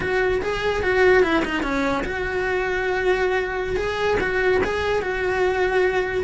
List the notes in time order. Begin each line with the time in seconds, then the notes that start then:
0.00 F#4
0.42 G#4
0.82 F#4
1.22 E4
1.44 D#4
1.63 C#4
2.04 F#4
3.76 G#4
4.20 F#4
4.63 G#4
5.01 F#4